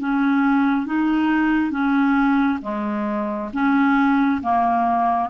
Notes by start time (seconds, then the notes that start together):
0.00 C#4
0.86 D#4
1.71 C#4
2.62 G#3
3.53 C#4
4.43 A#3